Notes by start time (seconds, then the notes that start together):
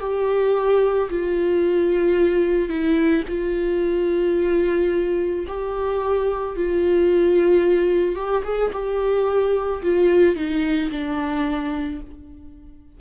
0.00 G4
1.10 F4
2.69 E4
3.28 F4
5.48 G4
6.56 F4
8.16 G4
8.44 G#4
8.73 G4
9.82 F4
10.36 D#4
10.91 D4